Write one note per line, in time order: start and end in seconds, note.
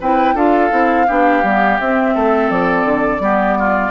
0.00 0.34 C4
0.00 0.36 E4
0.00 0.35 B4
0.00 0.37 G5
0.34 0.70 D4
0.34 0.70 F4
0.34 1.06 A4
0.34 1.80 F5
0.70 1.07 C4
0.70 1.06 E4
1.07 1.43 B3
1.07 1.44 D4
1.07 2.14 G4
1.43 1.79 G3
1.43 1.81 B3
1.80 2.15 C4
1.80 3.20 C4
1.80 2.50 E5
2.14 2.50 A3
2.14 3.22 A4
2.50 2.84 F3
2.50 3.91 D5
2.84 3.19 D3
3.19 3.91 G3
3.19 3.91 B3
3.19 3.58 G4
3.59 3.91 F4